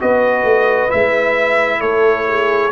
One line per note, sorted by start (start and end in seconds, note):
0.00 0.43 B3
0.00 0.89 F#4
0.00 1.79 B4
0.00 0.90 D#5
0.43 0.89 A3
0.89 1.81 G#3
0.89 2.71 E4
0.89 1.81 E5
1.79 2.72 A3
1.79 2.25 A4
1.79 2.72 C#5
2.27 2.72 G#4